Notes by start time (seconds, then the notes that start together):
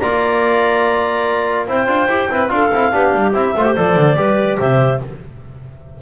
0.00 A#3 F4 D5 A#5
1.68 C4 E4 C5 G5
1.87 D4 F4
2.07 E4 G4
2.30 C4 E4 B4
2.48 D4 F4 A4 F5
2.72 C4 E4
2.92 B3 D4 G4
3.15 G3
3.33 C4 E4 E5
3.56 A3 F4 C5
3.66 G4
3.77 F3 A4 D5
3.97 D3
4.16 G3 G4 B4
4.59 C3 C5 E5